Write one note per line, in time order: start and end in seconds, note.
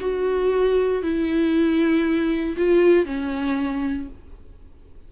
0.00 1.02 F#4
1.02 2.56 E4
2.57 3.05 F4
3.05 4.08 C#4